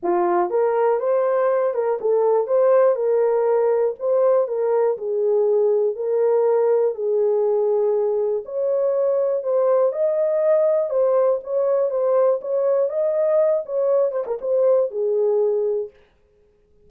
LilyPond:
\new Staff \with { instrumentName = "horn" } { \time 4/4 \tempo 4 = 121 f'4 ais'4 c''4. ais'8 | a'4 c''4 ais'2 | c''4 ais'4 gis'2 | ais'2 gis'2~ |
gis'4 cis''2 c''4 | dis''2 c''4 cis''4 | c''4 cis''4 dis''4. cis''8~ | cis''8 c''16 ais'16 c''4 gis'2 | }